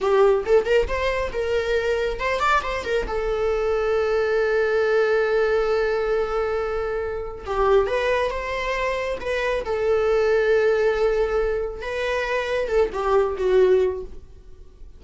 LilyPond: \new Staff \with { instrumentName = "viola" } { \time 4/4 \tempo 4 = 137 g'4 a'8 ais'8 c''4 ais'4~ | ais'4 c''8 d''8 c''8 ais'8 a'4~ | a'1~ | a'1~ |
a'4 g'4 b'4 c''4~ | c''4 b'4 a'2~ | a'2. b'4~ | b'4 a'8 g'4 fis'4. | }